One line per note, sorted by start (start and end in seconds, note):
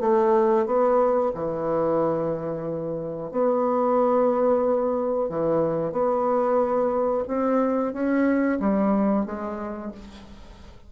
0.00 0.66 A3
0.66 1.32 B3
1.35 3.31 E3
3.31 5.29 B3
5.30 5.92 E3
5.92 7.24 B3
7.28 7.93 C4
7.93 8.59 C#4
8.60 9.26 G3
9.26 9.92 G#3